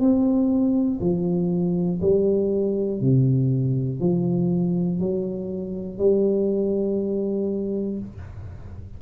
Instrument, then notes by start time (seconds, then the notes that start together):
tuba
0.00 C4
1.00 F3
2.00 G3
3.00 C3
4.00 F3
4.99 F#3
5.98 G3